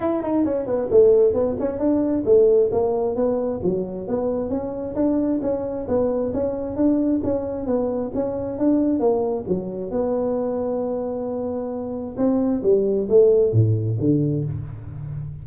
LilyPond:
\new Staff \with { instrumentName = "tuba" } { \time 4/4 \tempo 4 = 133 e'8 dis'8 cis'8 b8 a4 b8 cis'8 | d'4 a4 ais4 b4 | fis4 b4 cis'4 d'4 | cis'4 b4 cis'4 d'4 |
cis'4 b4 cis'4 d'4 | ais4 fis4 b2~ | b2. c'4 | g4 a4 a,4 d4 | }